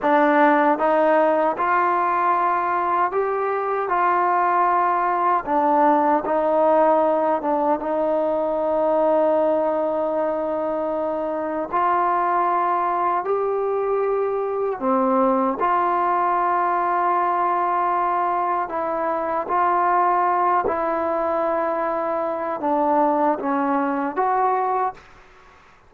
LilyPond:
\new Staff \with { instrumentName = "trombone" } { \time 4/4 \tempo 4 = 77 d'4 dis'4 f'2 | g'4 f'2 d'4 | dis'4. d'8 dis'2~ | dis'2. f'4~ |
f'4 g'2 c'4 | f'1 | e'4 f'4. e'4.~ | e'4 d'4 cis'4 fis'4 | }